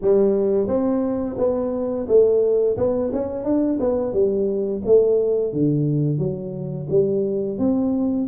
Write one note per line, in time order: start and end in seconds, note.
0.01 0.67 G3
0.67 1.36 C4
1.38 2.07 B3
2.08 2.76 A3
2.77 3.11 B3
3.12 3.44 C#4
3.44 3.79 D4
3.80 4.13 B3
4.13 4.82 G3
4.85 5.53 A3
5.53 6.18 D3
6.18 6.87 F#3
6.89 7.58 G3
7.58 8.27 C4